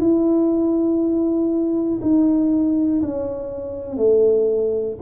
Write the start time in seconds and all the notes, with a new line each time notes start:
0.00 E4
2.01 D#4
3.02 C#4
3.97 A3